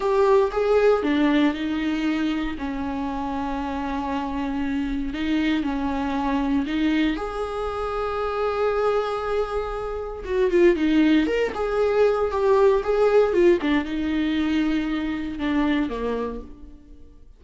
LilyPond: \new Staff \with { instrumentName = "viola" } { \time 4/4 \tempo 4 = 117 g'4 gis'4 d'4 dis'4~ | dis'4 cis'2.~ | cis'2 dis'4 cis'4~ | cis'4 dis'4 gis'2~ |
gis'1 | fis'8 f'8 dis'4 ais'8 gis'4. | g'4 gis'4 f'8 d'8 dis'4~ | dis'2 d'4 ais4 | }